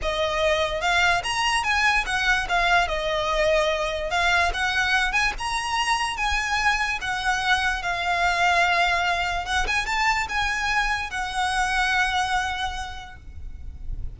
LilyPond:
\new Staff \with { instrumentName = "violin" } { \time 4/4 \tempo 4 = 146 dis''2 f''4 ais''4 | gis''4 fis''4 f''4 dis''4~ | dis''2 f''4 fis''4~ | fis''8 gis''8 ais''2 gis''4~ |
gis''4 fis''2 f''4~ | f''2. fis''8 gis''8 | a''4 gis''2 fis''4~ | fis''1 | }